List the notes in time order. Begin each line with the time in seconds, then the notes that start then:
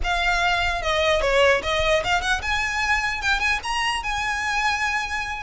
0.03 F5
0.81 D#5
1.21 C#5
1.62 D#5
2.04 F5
2.21 F#5
2.42 G#5
3.21 G5
3.39 G#5
3.63 A#5
4.03 G#5